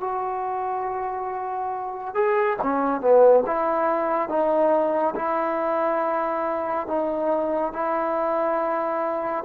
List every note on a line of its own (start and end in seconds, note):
0.00 2.14 F#4
2.14 2.57 G#4
2.62 3.00 C#4
3.00 3.43 B3
3.46 4.29 E4
4.29 5.14 D#4
5.15 6.87 E4
6.87 7.73 D#4
7.73 9.44 E4